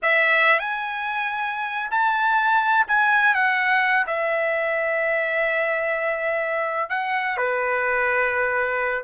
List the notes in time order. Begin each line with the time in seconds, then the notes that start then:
0.02 E5
0.59 G#5
1.90 A5
2.87 G#5
3.34 F#5
4.06 E5
6.89 F#5
7.37 B4